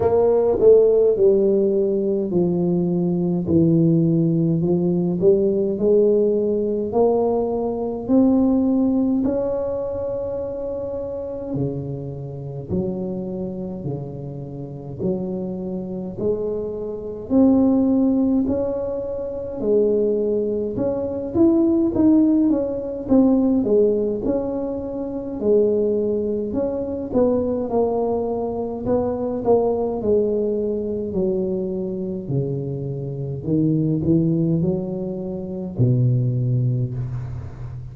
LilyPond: \new Staff \with { instrumentName = "tuba" } { \time 4/4 \tempo 4 = 52 ais8 a8 g4 f4 e4 | f8 g8 gis4 ais4 c'4 | cis'2 cis4 fis4 | cis4 fis4 gis4 c'4 |
cis'4 gis4 cis'8 e'8 dis'8 cis'8 | c'8 gis8 cis'4 gis4 cis'8 b8 | ais4 b8 ais8 gis4 fis4 | cis4 dis8 e8 fis4 b,4 | }